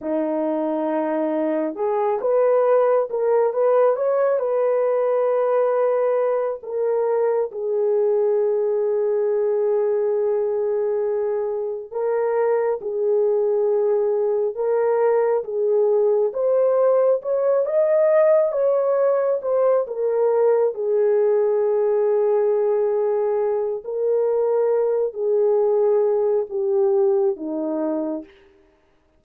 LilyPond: \new Staff \with { instrumentName = "horn" } { \time 4/4 \tempo 4 = 68 dis'2 gis'8 b'4 ais'8 | b'8 cis''8 b'2~ b'8 ais'8~ | ais'8 gis'2.~ gis'8~ | gis'4. ais'4 gis'4.~ |
gis'8 ais'4 gis'4 c''4 cis''8 | dis''4 cis''4 c''8 ais'4 gis'8~ | gis'2. ais'4~ | ais'8 gis'4. g'4 dis'4 | }